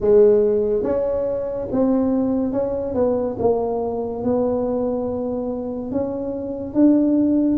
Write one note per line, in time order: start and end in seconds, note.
0.00 0.83 G#3
0.83 1.67 C#4
1.71 2.52 C4
2.52 2.94 C#4
2.94 3.36 B3
3.39 4.23 A#3
4.23 5.91 B3
5.91 6.73 C#4
6.73 7.57 D4